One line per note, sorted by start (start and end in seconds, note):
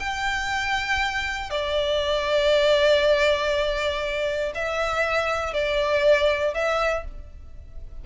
0.00 1.51 G5
1.51 4.53 D5
4.55 5.54 E5
5.54 6.55 D5
6.55 7.05 E5